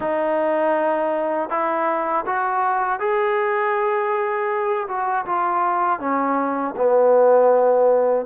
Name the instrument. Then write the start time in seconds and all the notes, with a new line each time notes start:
trombone
0.00 D#4
1.49 E4
2.26 F#4
2.99 G#4
4.88 F#4
5.25 F4
5.99 C#4
6.76 B3